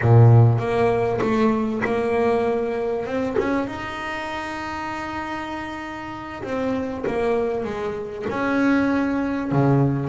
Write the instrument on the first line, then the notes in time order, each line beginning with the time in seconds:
double bass
0.01 A#2
0.58 A#3
1.21 A3
1.85 A#3
3.06 C4
3.38 C#4
3.67 D#4
6.43 C4
7.06 A#3
7.64 G#3
8.29 C#4
9.51 C#3